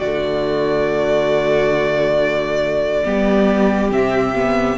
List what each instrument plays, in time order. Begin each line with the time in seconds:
0.00 cello D3, viola A3, violin F#4 D5
3.05 cello G3, viola B3, violin G4
3.91 cello C3, viola C4, violin E5
4.36 viola B3